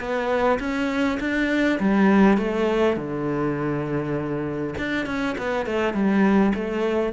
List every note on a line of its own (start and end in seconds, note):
0.00 0.59 B3
0.60 1.19 C#4
1.20 1.80 D4
1.80 2.38 G3
2.38 2.96 A3
2.96 4.75 D3
4.78 5.07 D4
5.07 5.36 C#4
5.38 5.67 B3
5.67 5.94 A3
5.94 6.53 G3
6.55 7.13 A3